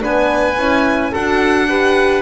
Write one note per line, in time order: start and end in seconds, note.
0.00 0.57 B3
0.00 0.56 D4
0.00 1.12 B4
0.00 1.14 G#5
0.57 1.12 C#4
0.57 1.14 E4
1.12 2.22 D4
1.12 1.69 F#4
1.12 1.67 A4
1.12 2.22 F#5
1.69 2.22 G4
1.69 2.22 B4